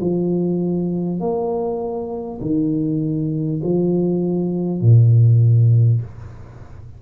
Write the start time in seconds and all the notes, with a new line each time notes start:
0.00 F3
1.20 A#3
2.41 D#3
3.63 F3
4.81 A#2